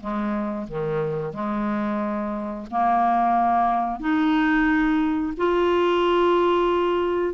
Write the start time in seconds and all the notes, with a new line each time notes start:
0.00 G#3
0.68 D#3
1.33 G#3
2.71 A#3
4.00 D#4
5.37 F4